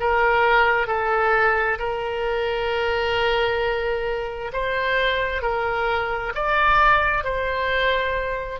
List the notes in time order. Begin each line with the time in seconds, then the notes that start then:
0.00 A#4
0.87 A4
1.79 A#4
4.52 C5
5.42 A#4
6.35 D5
7.24 C5